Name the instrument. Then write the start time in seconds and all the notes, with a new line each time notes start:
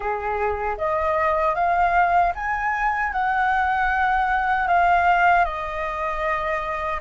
flute
0.00 G#4
0.77 D#5
1.54 F5
2.35 G#5
3.12 F#5
4.67 F5
5.44 D#5